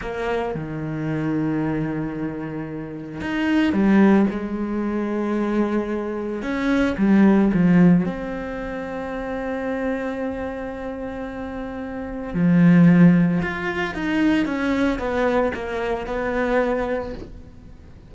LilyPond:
\new Staff \with { instrumentName = "cello" } { \time 4/4 \tempo 4 = 112 ais4 dis2.~ | dis2 dis'4 g4 | gis1 | cis'4 g4 f4 c'4~ |
c'1~ | c'2. f4~ | f4 f'4 dis'4 cis'4 | b4 ais4 b2 | }